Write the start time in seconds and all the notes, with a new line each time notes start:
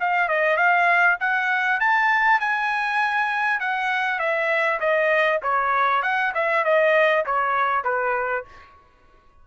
0.00 F5
0.28 D#5
0.56 F5
1.20 F#5
1.80 A5
2.40 G#5
3.60 F#5
4.19 E5
4.80 D#5
5.42 C#5
6.02 F#5
6.34 E5
6.64 D#5
7.26 C#5
7.84 B4